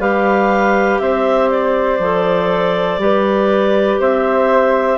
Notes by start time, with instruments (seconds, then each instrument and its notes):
0.00 bassoon G3, clarinet G4 F5, flute B4
0.99 bassoon C4, flute C5, clarinet E5
1.50 clarinet D5
1.99 bassoon F3, clarinet A4
2.98 bassoon G3, clarinet G4, flute B4
4.00 bassoon C4, flute C5, clarinet E5